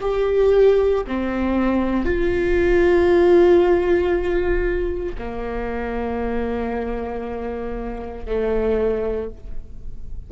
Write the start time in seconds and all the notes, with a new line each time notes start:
0.00 G4
1.07 C4
2.05 F4
5.18 A#3
8.26 A3